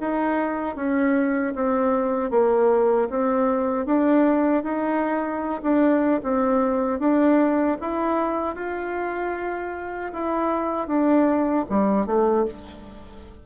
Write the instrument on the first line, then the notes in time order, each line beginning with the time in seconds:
bassoon
0.00 D#4
0.76 C#4
1.55 C4
2.30 A#3
3.10 C4
3.85 D4
4.63 D#4
5.62 D4
6.23 C4
6.99 D4
7.80 E4
8.55 F4
10.13 E4
10.87 D4
11.69 G3
12.06 A3